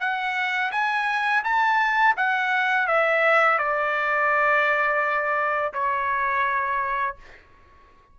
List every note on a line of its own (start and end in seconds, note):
0.00 0.71 F#5
0.72 1.43 G#5
1.44 2.16 A5
2.17 2.87 F#5
2.87 3.59 E5
3.59 5.73 D5
5.73 7.16 C#5